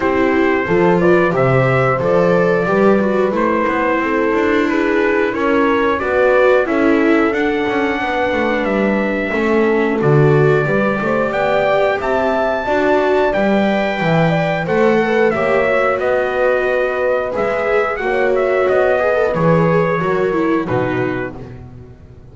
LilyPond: <<
  \new Staff \with { instrumentName = "trumpet" } { \time 4/4 \tempo 4 = 90 c''4. d''8 e''4 d''4~ | d''4 c''2 b'4 | cis''4 d''4 e''4 fis''4~ | fis''4 e''2 d''4~ |
d''4 g''4 a''2 | g''2 fis''4 e''4 | dis''2 e''4 fis''8 e''8 | dis''4 cis''2 b'4 | }
  \new Staff \with { instrumentName = "horn" } { \time 4/4 g'4 a'8 b'8 c''2 | b'2 a'4 gis'4 | ais'4 b'4 a'2 | b'2 a'2 |
b'8 c''8 d''4 e''4 d''4~ | d''4 e''8 d''8 c''8 b'8 cis''4 | b'2. cis''4~ | cis''8 b'4. ais'4 fis'4 | }
  \new Staff \with { instrumentName = "viola" } { \time 4/4 e'4 f'4 g'4 a'4 | g'8 fis'8 e'2.~ | e'4 fis'4 e'4 d'4~ | d'2 cis'4 fis'4 |
g'2. fis'4 | b'2 a'4 g'8 fis'8~ | fis'2 gis'4 fis'4~ | fis'8 gis'16 a'16 gis'4 fis'8 e'8 dis'4 | }
  \new Staff \with { instrumentName = "double bass" } { \time 4/4 c'4 f4 c4 f4 | g4 a8 b8 c'8 d'4. | cis'4 b4 cis'4 d'8 cis'8 | b8 a8 g4 a4 d4 |
g8 a8 b4 c'4 d'4 | g4 e4 a4 ais4 | b2 gis4 ais4 | b4 e4 fis4 b,4 | }
>>